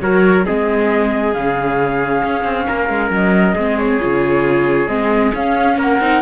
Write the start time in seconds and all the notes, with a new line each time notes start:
0.00 F#3 F#4 A#4 C#5
0.44 G#3 C4 G#4 D#5
1.33 C#3 C#4 F5
2.24 C#4
2.44 C4
2.67 A#3 A#4
2.89 G#3
3.10 F#3 D#5
3.54 G#3 C4 G#4
3.78 C#5
4.00 C#3 F4
4.87 G#3 C4 D#5
5.34 C#4 F5
5.77 A#3 A#4 F#5
5.99 C4 D#4